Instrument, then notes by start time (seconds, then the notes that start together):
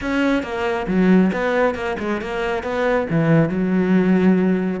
cello
0.01 C#4
0.42 A#3
0.87 F#3
1.32 B3
1.74 A#3
1.99 G#3
2.21 A#3
2.63 B3
3.10 E3
3.49 F#3